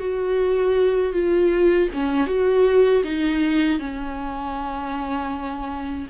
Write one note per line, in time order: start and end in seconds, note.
0.00 1.13 F#4
1.13 1.89 F4
1.94 2.27 C#4
2.27 3.03 F#4
3.04 3.79 D#4
3.79 6.07 C#4